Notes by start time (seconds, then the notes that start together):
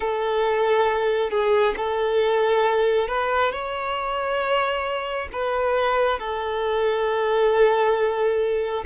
0.00 A4
1.30 G#4
1.76 A4
3.08 B4
3.52 C#5
5.32 B4
6.19 A4